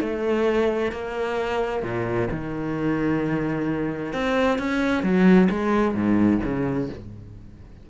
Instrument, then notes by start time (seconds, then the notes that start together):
cello
0.00 A3
0.91 A#3
1.82 A#2
2.31 D#3
4.13 C4
4.58 C#4
5.03 F#3
5.50 G#3
5.94 G#2
6.44 C#3